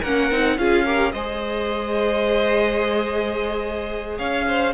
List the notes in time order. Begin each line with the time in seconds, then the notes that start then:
0.00 A#3 C#4 A#4 F#5
0.31 C4 D#4
0.58 C#4 F4 G#4 F5
0.85 G4 A#4
1.12 G#3 G#4 C5 D#5
4.18 C#4 C#5 F5
4.48 C5